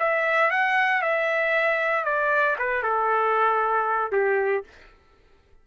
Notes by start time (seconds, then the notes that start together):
0.00 E5
0.51 F#5
1.03 E5
2.05 D5
2.59 B4
2.83 A4
4.12 G4